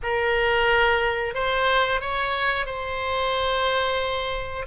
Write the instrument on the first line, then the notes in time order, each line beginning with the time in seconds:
oboe
0.02 A#4
1.34 C5
2.01 C#5
2.66 C5